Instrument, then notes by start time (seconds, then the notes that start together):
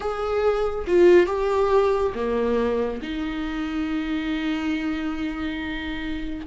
viola
0.00 G#4
0.87 F4
1.26 G4
2.14 A#3
3.02 D#4